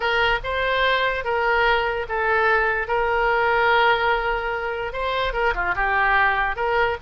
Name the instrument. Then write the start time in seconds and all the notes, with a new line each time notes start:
oboe
0.00 A#4
0.43 C5
1.24 A#4
2.08 A4
2.87 A#4
4.92 C5
5.33 A#4
5.54 F4
5.75 G4
6.56 A#4